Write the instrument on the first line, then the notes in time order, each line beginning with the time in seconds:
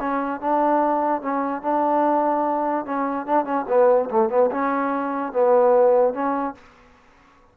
trombone
0.00 C#4
0.41 D4
1.22 C#4
1.63 D4
2.86 C#4
3.27 D4
3.45 C#4
3.69 B3
4.10 A3
4.30 B3
4.51 C#4
5.33 B3
6.14 C#4